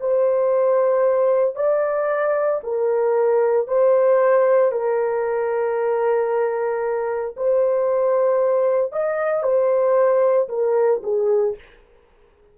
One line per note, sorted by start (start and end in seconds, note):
0.00 1.56 C5
1.56 2.61 D5
2.63 3.67 A#4
3.67 4.71 C5
4.71 7.34 A#4
7.36 8.92 C5
8.92 9.43 D#5
9.43 10.48 C5
10.48 11.01 A#4
11.03 11.56 G#4